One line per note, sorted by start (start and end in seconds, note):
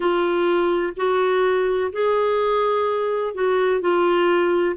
0.00 0.93 F4
0.96 1.91 F#4
1.92 3.34 G#4
3.34 3.81 F#4
3.81 4.76 F4